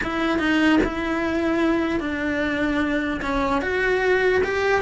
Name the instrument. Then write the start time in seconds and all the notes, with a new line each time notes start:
cello
0.03 E4
0.38 D#4
0.84 E4
2.00 D4
3.21 C#4
3.61 F#4
4.43 G4